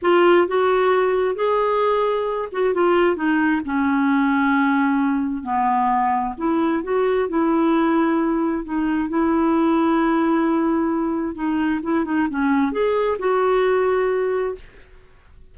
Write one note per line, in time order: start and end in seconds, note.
0.02 0.47 F4
0.47 1.35 F#4
1.35 2.49 G#4
2.51 2.74 F#4
2.74 3.16 F4
3.16 3.61 D#4
3.65 5.43 C#4
5.43 6.34 B3
6.37 6.83 E4
6.83 7.28 F#4
7.28 8.64 E4
8.64 9.09 D#4
9.09 11.35 E4
11.35 11.80 D#4
11.82 12.05 E4
12.05 12.27 D#4
12.30 12.71 C#4
12.71 13.17 G#4
13.19 14.55 F#4